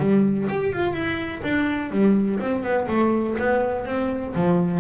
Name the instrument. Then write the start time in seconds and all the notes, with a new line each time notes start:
double bass
0.00 G3
0.49 G4
0.73 F4
0.93 E4
1.44 D4
1.92 G3
2.40 C4
2.63 B3
2.88 A3
3.39 B3
3.86 C4
4.36 F3